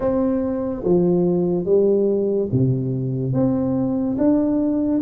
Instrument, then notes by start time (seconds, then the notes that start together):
tuba
0.00 C4
0.83 F3
1.65 G3
2.51 C3
3.33 C4
4.17 D4